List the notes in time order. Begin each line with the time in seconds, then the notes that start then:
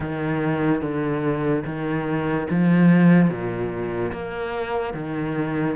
0.00 D#3
0.81 D3
1.65 D#3
2.50 F3
3.29 A#2
4.12 A#3
4.93 D#3